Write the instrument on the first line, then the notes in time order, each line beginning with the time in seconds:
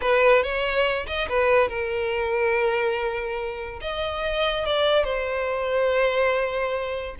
violin
0.01 B4
0.42 C#5
1.06 D#5
1.28 B4
1.68 A#4
3.81 D#5
4.65 D5
5.04 C5